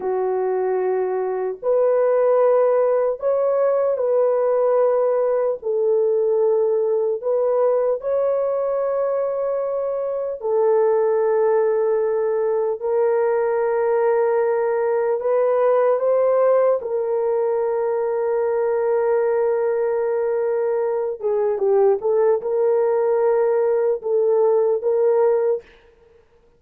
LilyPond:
\new Staff \with { instrumentName = "horn" } { \time 4/4 \tempo 4 = 75 fis'2 b'2 | cis''4 b'2 a'4~ | a'4 b'4 cis''2~ | cis''4 a'2. |
ais'2. b'4 | c''4 ais'2.~ | ais'2~ ais'8 gis'8 g'8 a'8 | ais'2 a'4 ais'4 | }